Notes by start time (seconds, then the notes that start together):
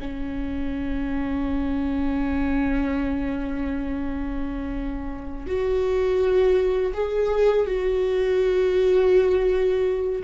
0.00 C#4
5.46 F#4
6.93 G#4
7.66 F#4